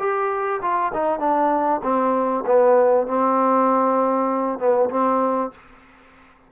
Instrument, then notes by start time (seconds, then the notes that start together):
trombone
0.00 G4
0.62 F4
0.94 D#4
1.20 D4
1.83 C4
2.47 B3
3.08 C4
4.59 B3
4.90 C4